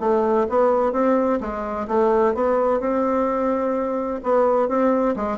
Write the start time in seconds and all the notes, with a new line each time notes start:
0.00 A3
0.49 B3
0.93 C4
1.40 G#3
1.88 A3
2.34 B3
2.80 C4
4.23 B3
4.68 C4
5.16 G#3